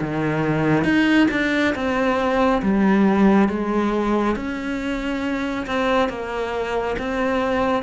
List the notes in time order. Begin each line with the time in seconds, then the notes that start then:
0.00 D#3
0.84 D#4
1.30 D4
1.75 C4
2.62 G3
3.48 G#3
4.35 C#4
5.66 C4
6.09 A#3
6.98 C4